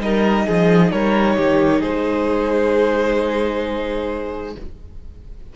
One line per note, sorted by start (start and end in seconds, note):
0.00 0.46 G3
0.00 4.55 D#4
0.00 0.47 A#4
0.00 0.91 D#5
0.47 0.92 F3
0.47 0.92 G#4
0.91 1.38 G3
0.91 1.36 A#4
0.91 1.82 C#5
1.36 1.83 D#3
1.36 1.80 G4
1.80 4.56 G#3
1.80 4.53 G#4
1.80 4.55 C5